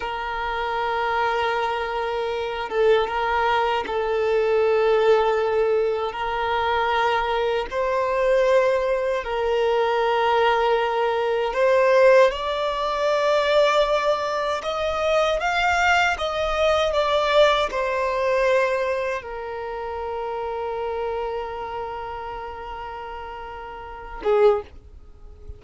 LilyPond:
\new Staff \with { instrumentName = "violin" } { \time 4/4 \tempo 4 = 78 ais'2.~ ais'8 a'8 | ais'4 a'2. | ais'2 c''2 | ais'2. c''4 |
d''2. dis''4 | f''4 dis''4 d''4 c''4~ | c''4 ais'2.~ | ais'2.~ ais'8 gis'8 | }